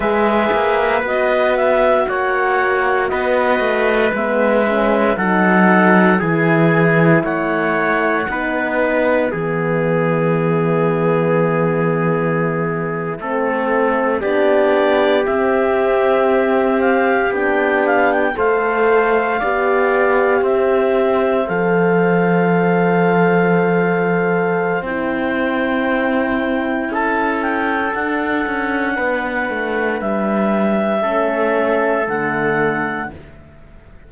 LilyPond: <<
  \new Staff \with { instrumentName = "clarinet" } { \time 4/4 \tempo 4 = 58 e''4 dis''8 e''8 fis''4 dis''4 | e''4 fis''4 gis''4 fis''4~ | fis''8 e''2.~ e''8~ | e''4.~ e''16 d''4 e''4~ e''16~ |
e''16 f''8 g''8 f''16 g''16 f''2 e''16~ | e''8. f''2.~ f''16 | g''2 a''8 g''8 fis''4~ | fis''4 e''2 fis''4 | }
  \new Staff \with { instrumentName = "trumpet" } { \time 4/4 b'2 cis''4 b'4~ | b'4 a'4 gis'4 cis''4 | b'4 gis'2.~ | gis'8. a'4 g'2~ g'16~ |
g'4.~ g'16 c''4 d''4 c''16~ | c''1~ | c''2 a'2 | b'2 a'2 | }
  \new Staff \with { instrumentName = "horn" } { \time 4/4 gis'4 fis'2. | b8 cis'8 dis'4 e'2 | dis'4 b2.~ | b8. c'4 d'4 c'4~ c'16~ |
c'8. d'4 a'4 g'4~ g'16~ | g'8. a'2.~ a'16 | e'2. d'4~ | d'2 cis'4 a4 | }
  \new Staff \with { instrumentName = "cello" } { \time 4/4 gis8 ais8 b4 ais4 b8 a8 | gis4 fis4 e4 a4 | b4 e2.~ | e8. a4 b4 c'4~ c'16~ |
c'8. b4 a4 b4 c'16~ | c'8. f2.~ f16 | c'2 cis'4 d'8 cis'8 | b8 a8 g4 a4 d4 | }
>>